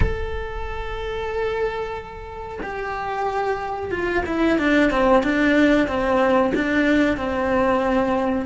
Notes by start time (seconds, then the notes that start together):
0.00 A4
2.62 G4
3.91 F4
4.25 E4
4.58 D4
4.90 C4
5.23 D4
5.87 C4
6.54 D4
7.17 C4